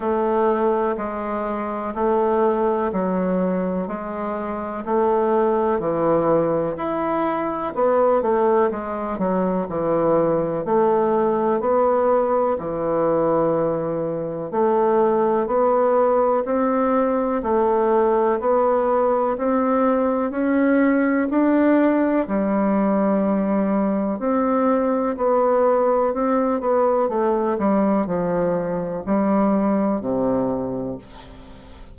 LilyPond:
\new Staff \with { instrumentName = "bassoon" } { \time 4/4 \tempo 4 = 62 a4 gis4 a4 fis4 | gis4 a4 e4 e'4 | b8 a8 gis8 fis8 e4 a4 | b4 e2 a4 |
b4 c'4 a4 b4 | c'4 cis'4 d'4 g4~ | g4 c'4 b4 c'8 b8 | a8 g8 f4 g4 c4 | }